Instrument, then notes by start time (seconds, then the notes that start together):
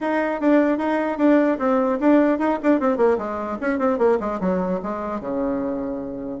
bassoon
0.00 D#4
0.40 D4
0.78 D#4
1.17 D4
1.58 C4
1.99 D4
2.38 D#4
2.62 D4
2.80 C4
2.97 A#3
3.18 G#3
3.61 C#4
3.79 C4
3.98 A#3
4.20 G#3
4.40 F#3
4.83 G#3
5.20 C#3